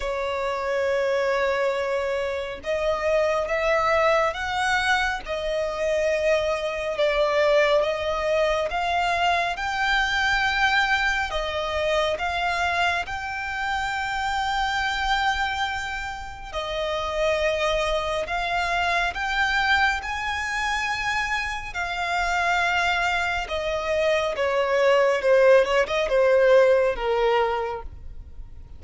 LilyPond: \new Staff \with { instrumentName = "violin" } { \time 4/4 \tempo 4 = 69 cis''2. dis''4 | e''4 fis''4 dis''2 | d''4 dis''4 f''4 g''4~ | g''4 dis''4 f''4 g''4~ |
g''2. dis''4~ | dis''4 f''4 g''4 gis''4~ | gis''4 f''2 dis''4 | cis''4 c''8 cis''16 dis''16 c''4 ais'4 | }